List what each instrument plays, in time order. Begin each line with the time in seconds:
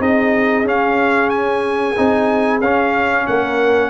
0.00 tuba C4, trombone D#4, horn G#4, trumpet D#5
0.64 tuba C#4, trombone C#4, trumpet F5
1.30 trumpet G#5
1.97 tuba C4, trombone D#4
2.61 tuba C#4, trombone C#4, trumpet F5
3.27 tuba A#3, horn A#4, trumpet F#5